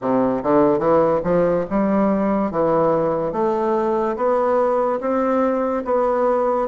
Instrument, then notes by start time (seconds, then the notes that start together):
bassoon
0.01 C3
0.43 D3
0.78 E3
1.23 F3
1.70 G3
2.51 E3
3.32 A3
4.16 B3
5.00 C4
5.84 B3